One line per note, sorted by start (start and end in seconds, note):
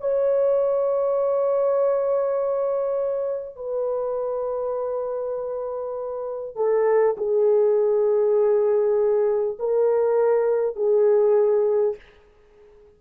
0.00 3.56 C#5
3.56 6.56 B4
6.56 7.16 A4
7.17 9.57 G#4
9.59 10.76 A#4
10.76 11.96 G#4